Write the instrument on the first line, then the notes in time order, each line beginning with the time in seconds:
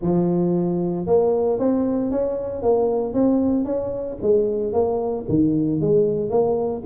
tuba
0.01 F3
1.06 A#3
1.59 C4
2.11 C#4
2.62 A#3
3.13 C4
3.65 C#4
4.22 G#3
4.72 A#3
5.28 D#3
5.81 G#3
6.29 A#3